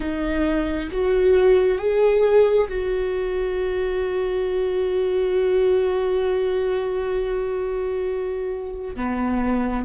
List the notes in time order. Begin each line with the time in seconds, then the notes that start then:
0.00 D#4
0.91 F#4
1.78 G#4
2.68 F#4
8.95 B3